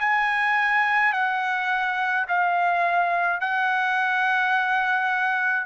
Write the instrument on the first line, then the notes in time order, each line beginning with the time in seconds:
trumpet
0.00 G#5
1.13 F#5
2.28 F5
3.40 F#5